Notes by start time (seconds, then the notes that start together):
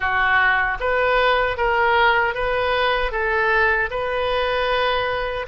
0.00 F#4
0.80 B4
1.57 A#4
2.34 B4
3.11 A4
3.90 B4